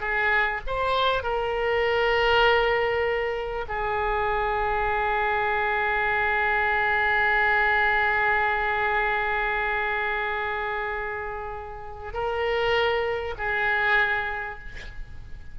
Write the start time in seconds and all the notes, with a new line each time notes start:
0.00 G#4
0.66 C5
1.23 A#4
3.68 G#4
12.13 A#4
13.38 G#4